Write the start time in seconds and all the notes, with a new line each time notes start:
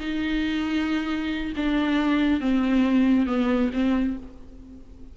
0.00 D#4
1.57 D4
2.41 C4
3.27 B3
3.74 C4